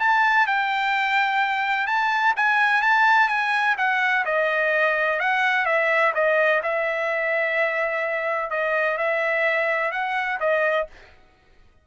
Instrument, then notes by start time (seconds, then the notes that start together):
trumpet
0.00 A5
0.47 G5
1.87 A5
2.37 G#5
2.82 A5
3.29 G#5
3.78 F#5
4.26 D#5
5.20 F#5
5.66 E5
6.15 D#5
6.63 E5
8.51 D#5
8.98 E5
9.92 F#5
10.41 D#5